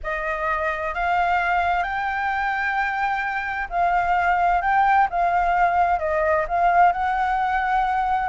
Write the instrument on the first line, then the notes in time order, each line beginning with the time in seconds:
flute
0.03 D#5
0.94 F5
1.83 G5
3.69 F5
4.61 G5
5.09 F5
5.99 D#5
6.47 F5
6.92 F#5